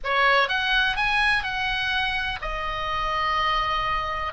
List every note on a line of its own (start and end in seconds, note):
0.03 0.48 C#5
0.48 0.96 F#5
0.96 1.43 G#5
1.43 2.39 F#5
2.41 4.33 D#5